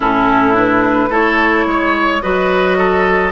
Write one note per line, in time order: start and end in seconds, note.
0.00 1.09 A2
0.00 0.54 C#4
0.00 1.09 E4
0.00 0.56 A4
0.54 1.09 D4
0.54 1.13 B4
1.09 1.65 A3
1.09 2.21 E4
1.09 1.65 A4
1.09 2.21 C#5
1.66 2.21 G#3
1.66 2.22 C#5
2.21 3.32 F#3
2.21 3.32 F#4
2.21 2.77 B4
2.21 3.32 D#5
2.77 3.32 A4